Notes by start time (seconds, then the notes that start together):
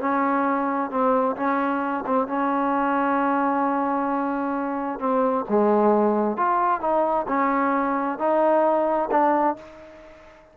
0.00 C#4
0.91 C4
1.37 C#4
2.07 C4
2.28 C#4
5.00 C4
5.49 G#3
6.37 F4
6.81 D#4
7.28 C#4
8.19 D#4
9.11 D4